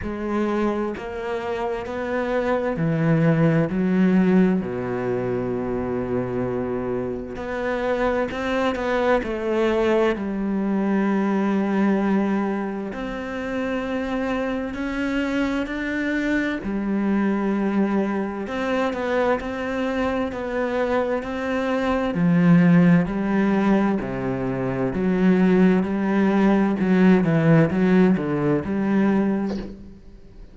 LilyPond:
\new Staff \with { instrumentName = "cello" } { \time 4/4 \tempo 4 = 65 gis4 ais4 b4 e4 | fis4 b,2. | b4 c'8 b8 a4 g4~ | g2 c'2 |
cis'4 d'4 g2 | c'8 b8 c'4 b4 c'4 | f4 g4 c4 fis4 | g4 fis8 e8 fis8 d8 g4 | }